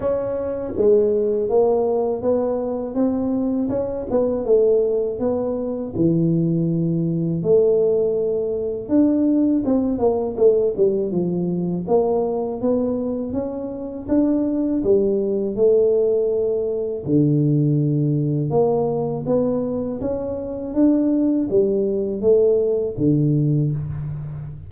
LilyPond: \new Staff \with { instrumentName = "tuba" } { \time 4/4 \tempo 4 = 81 cis'4 gis4 ais4 b4 | c'4 cis'8 b8 a4 b4 | e2 a2 | d'4 c'8 ais8 a8 g8 f4 |
ais4 b4 cis'4 d'4 | g4 a2 d4~ | d4 ais4 b4 cis'4 | d'4 g4 a4 d4 | }